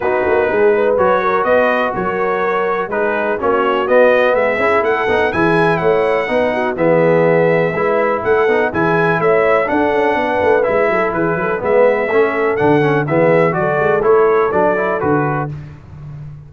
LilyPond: <<
  \new Staff \with { instrumentName = "trumpet" } { \time 4/4 \tempo 4 = 124 b'2 cis''4 dis''4 | cis''2 b'4 cis''4 | dis''4 e''4 fis''4 gis''4 | fis''2 e''2~ |
e''4 fis''4 gis''4 e''4 | fis''2 e''4 b'4 | e''2 fis''4 e''4 | d''4 cis''4 d''4 b'4 | }
  \new Staff \with { instrumentName = "horn" } { \time 4/4 fis'4 gis'8 b'4 ais'8 b'4 | ais'2 gis'4 fis'4~ | fis'4 gis'4 a'4 gis'4 | cis''4 b'8 fis'8 gis'2 |
b'4 a'4 gis'4 cis''4 | a'4 b'4. a'8 gis'8 a'8 | b'4 a'2 gis'4 | a'1 | }
  \new Staff \with { instrumentName = "trombone" } { \time 4/4 dis'2 fis'2~ | fis'2 dis'4 cis'4 | b4. e'4 dis'8 e'4~ | e'4 dis'4 b2 |
e'4. dis'8 e'2 | d'2 e'2 | b4 cis'4 d'8 cis'8 b4 | fis'4 e'4 d'8 e'8 fis'4 | }
  \new Staff \with { instrumentName = "tuba" } { \time 4/4 b8 ais8 gis4 fis4 b4 | fis2 gis4 ais4 | b4 gis8 cis'8 a8 b8 e4 | a4 b4 e2 |
gis4 a8 b8 e4 a4 | d'8 cis'8 b8 a8 gis8 fis8 e8 fis8 | gis4 a4 d4 e4 | fis8 gis8 a4 fis4 d4 | }
>>